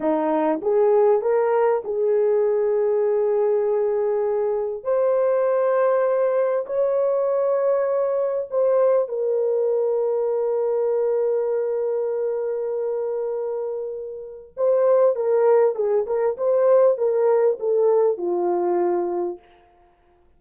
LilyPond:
\new Staff \with { instrumentName = "horn" } { \time 4/4 \tempo 4 = 99 dis'4 gis'4 ais'4 gis'4~ | gis'1 | c''2. cis''4~ | cis''2 c''4 ais'4~ |
ais'1~ | ais'1 | c''4 ais'4 gis'8 ais'8 c''4 | ais'4 a'4 f'2 | }